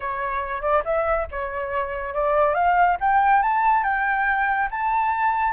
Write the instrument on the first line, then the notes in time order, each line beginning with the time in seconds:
flute
0.00 C#5
0.61 D5
0.84 E5
1.31 C#5
2.14 D5
2.54 F5
3.00 G5
3.42 A5
3.83 G5
4.70 A5